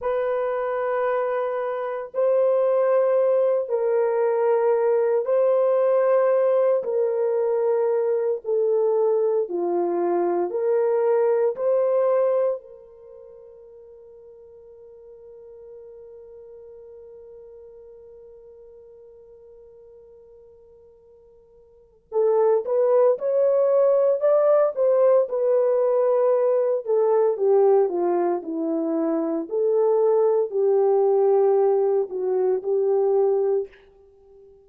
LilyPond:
\new Staff \with { instrumentName = "horn" } { \time 4/4 \tempo 4 = 57 b'2 c''4. ais'8~ | ais'4 c''4. ais'4. | a'4 f'4 ais'4 c''4 | ais'1~ |
ais'1~ | ais'4 a'8 b'8 cis''4 d''8 c''8 | b'4. a'8 g'8 f'8 e'4 | a'4 g'4. fis'8 g'4 | }